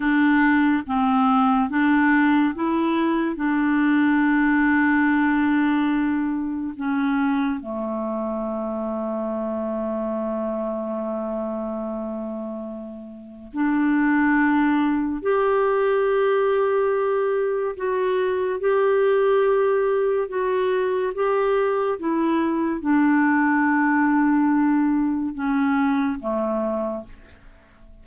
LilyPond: \new Staff \with { instrumentName = "clarinet" } { \time 4/4 \tempo 4 = 71 d'4 c'4 d'4 e'4 | d'1 | cis'4 a2.~ | a1 |
d'2 g'2~ | g'4 fis'4 g'2 | fis'4 g'4 e'4 d'4~ | d'2 cis'4 a4 | }